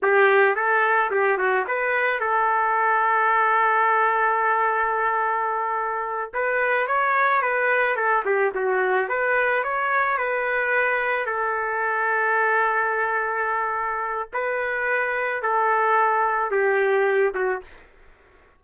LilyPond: \new Staff \with { instrumentName = "trumpet" } { \time 4/4 \tempo 4 = 109 g'4 a'4 g'8 fis'8 b'4 | a'1~ | a'2.~ a'8 b'8~ | b'8 cis''4 b'4 a'8 g'8 fis'8~ |
fis'8 b'4 cis''4 b'4.~ | b'8 a'2.~ a'8~ | a'2 b'2 | a'2 g'4. fis'8 | }